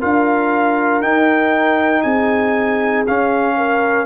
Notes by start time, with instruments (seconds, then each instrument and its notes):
0.00 tuba D4, trombone F4, horn A#4, trumpet F5
1.01 tuba D#4, trombone D#4, trumpet G5
2.03 tuba C4, horn G#4, trumpet G#5
3.07 tuba C#4, trombone C#4, trumpet F5
3.57 horn A#4